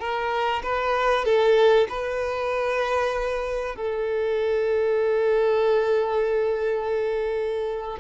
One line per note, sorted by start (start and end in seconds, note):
0.00 0.62 A#4
0.63 1.25 B4
1.25 1.88 A4
1.89 3.76 B4
3.76 7.98 A4